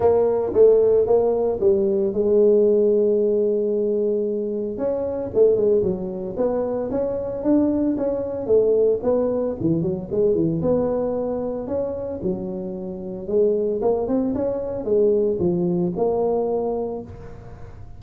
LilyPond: \new Staff \with { instrumentName = "tuba" } { \time 4/4 \tempo 4 = 113 ais4 a4 ais4 g4 | gis1~ | gis4 cis'4 a8 gis8 fis4 | b4 cis'4 d'4 cis'4 |
a4 b4 e8 fis8 gis8 e8 | b2 cis'4 fis4~ | fis4 gis4 ais8 c'8 cis'4 | gis4 f4 ais2 | }